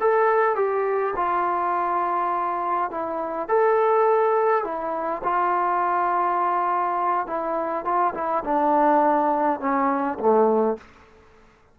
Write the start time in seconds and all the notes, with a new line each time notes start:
0.00 A4
0.55 G4
1.16 F4
2.90 E4
3.48 A4
4.63 E4
5.23 F4
7.26 E4
7.84 F4
8.14 E4
8.44 D4
9.60 C#4
10.19 A3